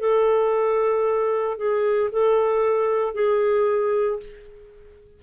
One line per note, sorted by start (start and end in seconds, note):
0.00 1.57 A4
1.57 2.10 G#4
2.11 3.14 A4
3.14 4.20 G#4